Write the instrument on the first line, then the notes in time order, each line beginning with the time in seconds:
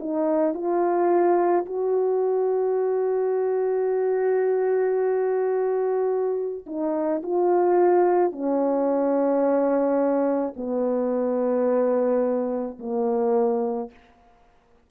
horn
0.00 D#4
0.55 F4
1.66 F#4
6.67 D#4
7.23 F4
8.32 C#4
10.57 B3
12.80 A#3